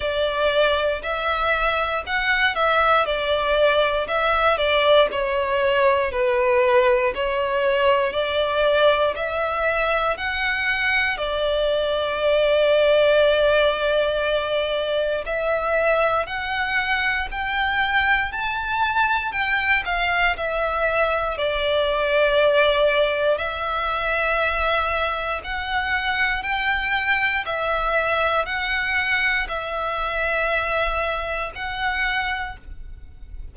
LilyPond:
\new Staff \with { instrumentName = "violin" } { \time 4/4 \tempo 4 = 59 d''4 e''4 fis''8 e''8 d''4 | e''8 d''8 cis''4 b'4 cis''4 | d''4 e''4 fis''4 d''4~ | d''2. e''4 |
fis''4 g''4 a''4 g''8 f''8 | e''4 d''2 e''4~ | e''4 fis''4 g''4 e''4 | fis''4 e''2 fis''4 | }